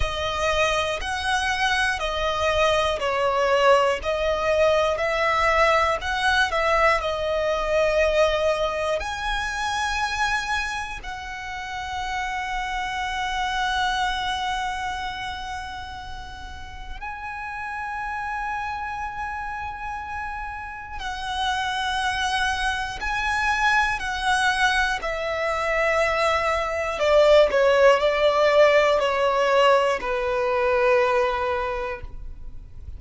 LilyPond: \new Staff \with { instrumentName = "violin" } { \time 4/4 \tempo 4 = 60 dis''4 fis''4 dis''4 cis''4 | dis''4 e''4 fis''8 e''8 dis''4~ | dis''4 gis''2 fis''4~ | fis''1~ |
fis''4 gis''2.~ | gis''4 fis''2 gis''4 | fis''4 e''2 d''8 cis''8 | d''4 cis''4 b'2 | }